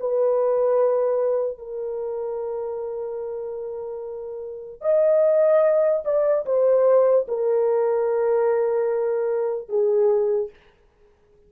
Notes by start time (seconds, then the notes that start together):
0.00 B4
1.58 A#4
4.81 D#5
6.04 D5
6.45 C5
7.28 A#4
9.69 G#4